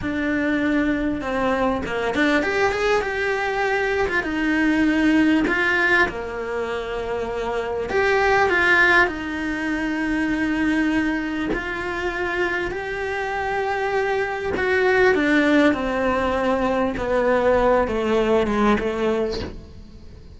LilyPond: \new Staff \with { instrumentName = "cello" } { \time 4/4 \tempo 4 = 99 d'2 c'4 ais8 d'8 | g'8 gis'8 g'4.~ g'16 f'16 dis'4~ | dis'4 f'4 ais2~ | ais4 g'4 f'4 dis'4~ |
dis'2. f'4~ | f'4 g'2. | fis'4 d'4 c'2 | b4. a4 gis8 a4 | }